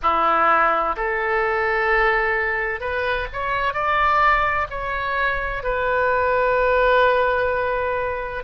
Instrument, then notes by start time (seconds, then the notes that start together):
oboe
0.02 E4
0.96 A4
2.80 B4
3.32 C#5
3.73 D5
4.70 C#5
5.62 B4